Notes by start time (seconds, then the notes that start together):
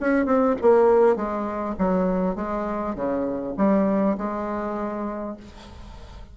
0.00 C#4
0.26 C4
0.62 A#3
1.16 G#3
1.79 F#3
2.36 G#3
2.96 C#3
3.58 G3
4.18 G#3